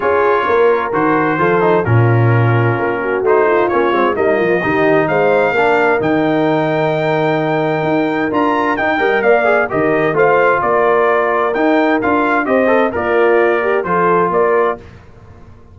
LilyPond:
<<
  \new Staff \with { instrumentName = "trumpet" } { \time 4/4 \tempo 4 = 130 cis''2 c''2 | ais'2. c''4 | cis''4 dis''2 f''4~ | f''4 g''2.~ |
g''2 ais''4 g''4 | f''4 dis''4 f''4 d''4~ | d''4 g''4 f''4 dis''4 | d''2 c''4 d''4 | }
  \new Staff \with { instrumentName = "horn" } { \time 4/4 gis'4 ais'2 a'4 | f'2~ f'8 fis'4 f'8~ | f'4 dis'8 f'8 g'4 c''4 | ais'1~ |
ais'2.~ ais'8 dis''8 | d''4 ais'4 c''4 ais'4~ | ais'2. c''4 | f'4. g'8 a'4 ais'4 | }
  \new Staff \with { instrumentName = "trombone" } { \time 4/4 f'2 fis'4 f'8 dis'8 | cis'2. dis'4 | cis'8 c'8 ais4 dis'2 | d'4 dis'2.~ |
dis'2 f'4 dis'8 ais'8~ | ais'8 gis'8 g'4 f'2~ | f'4 dis'4 f'4 g'8 a'8 | ais'2 f'2 | }
  \new Staff \with { instrumentName = "tuba" } { \time 4/4 cis'4 ais4 dis4 f4 | ais,2 ais4 a4 | ais8 gis8 g8 f8 dis4 gis4 | ais4 dis2.~ |
dis4 dis'4 d'4 dis'8 g8 | ais4 dis4 a4 ais4~ | ais4 dis'4 d'4 c'4 | ais2 f4 ais4 | }
>>